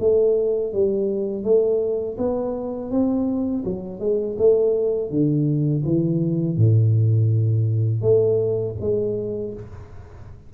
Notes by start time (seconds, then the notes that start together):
0.00 A3
0.73 G3
1.44 A3
2.18 B3
2.91 C4
3.65 F#3
4.00 G#3
4.38 A3
5.10 D3
5.85 E3
6.57 A2
8.02 A3
8.81 G#3